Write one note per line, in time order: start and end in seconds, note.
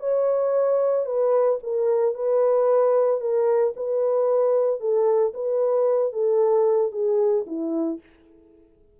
0.00 1.06 C#5
1.06 1.59 B4
1.63 2.15 A#4
2.15 3.21 B4
3.21 3.74 A#4
3.77 4.80 B4
4.80 5.33 A4
5.34 6.13 B4
6.13 6.92 A4
6.92 7.45 G#4
7.47 8.00 E4